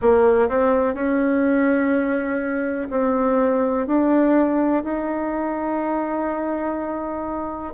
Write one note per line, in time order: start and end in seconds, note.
0.01 0.48 A#3
0.48 0.94 C4
0.94 2.88 C#4
2.90 3.86 C4
3.86 4.83 D4
4.83 7.73 D#4